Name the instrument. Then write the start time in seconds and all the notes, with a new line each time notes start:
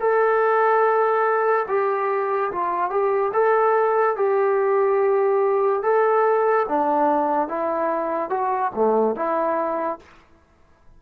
trombone
0.00 A4
1.69 G4
2.52 F4
2.91 G4
3.34 A4
4.17 G4
5.83 A4
6.69 D4
7.48 E4
8.30 F#4
8.75 A3
9.16 E4